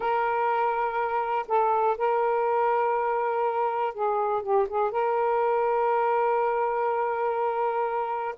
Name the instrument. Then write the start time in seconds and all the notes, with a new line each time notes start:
saxophone
0.00 A#4
1.48 A4
1.97 A#4
3.94 G#4
4.42 G4
4.68 G#4
4.91 A#4